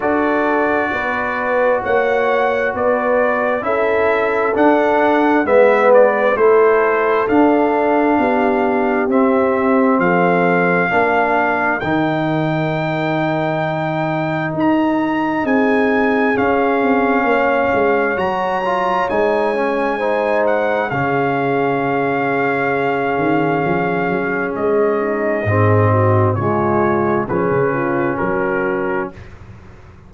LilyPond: <<
  \new Staff \with { instrumentName = "trumpet" } { \time 4/4 \tempo 4 = 66 d''2 fis''4 d''4 | e''4 fis''4 e''8 d''8 c''4 | f''2 e''4 f''4~ | f''4 g''2. |
ais''4 gis''4 f''2 | ais''4 gis''4. fis''8 f''4~ | f''2. dis''4~ | dis''4 cis''4 b'4 ais'4 | }
  \new Staff \with { instrumentName = "horn" } { \time 4/4 a'4 b'4 cis''4 b'4 | a'2 b'4 a'4~ | a'4 g'2 a'4 | ais'1~ |
ais'4 gis'2 cis''4~ | cis''2 c''4 gis'4~ | gis'2.~ gis'8 dis'8 | gis'8 fis'8 f'4 gis'8 f'8 fis'4 | }
  \new Staff \with { instrumentName = "trombone" } { \time 4/4 fis'1 | e'4 d'4 b4 e'4 | d'2 c'2 | d'4 dis'2.~ |
dis'2 cis'2 | fis'8 f'8 dis'8 cis'8 dis'4 cis'4~ | cis'1 | c'4 gis4 cis'2 | }
  \new Staff \with { instrumentName = "tuba" } { \time 4/4 d'4 b4 ais4 b4 | cis'4 d'4 gis4 a4 | d'4 b4 c'4 f4 | ais4 dis2. |
dis'4 c'4 cis'8 c'8 ais8 gis8 | fis4 gis2 cis4~ | cis4. dis8 f8 fis8 gis4 | gis,4 cis4 f16 cis8. fis4 | }
>>